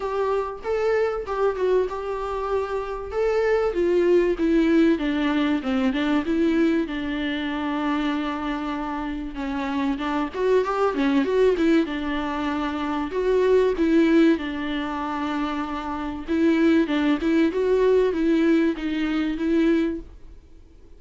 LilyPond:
\new Staff \with { instrumentName = "viola" } { \time 4/4 \tempo 4 = 96 g'4 a'4 g'8 fis'8 g'4~ | g'4 a'4 f'4 e'4 | d'4 c'8 d'8 e'4 d'4~ | d'2. cis'4 |
d'8 fis'8 g'8 cis'8 fis'8 e'8 d'4~ | d'4 fis'4 e'4 d'4~ | d'2 e'4 d'8 e'8 | fis'4 e'4 dis'4 e'4 | }